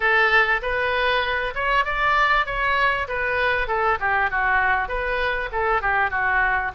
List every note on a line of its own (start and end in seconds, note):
0.00 0.61 A4
0.62 1.54 B4
1.54 1.85 C#5
1.85 2.46 D5
2.46 3.07 C#5
3.08 3.67 B4
3.67 3.98 A4
3.99 4.30 G4
4.30 4.88 F#4
4.88 5.49 B4
5.52 5.81 A4
5.81 6.10 G4
6.10 6.71 F#4